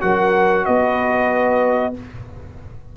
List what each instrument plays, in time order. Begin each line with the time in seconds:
0.00 tuba F#3, trombone F#4, horn A#4, trumpet F#5
0.65 tuba B3, horn B4, trumpet D#5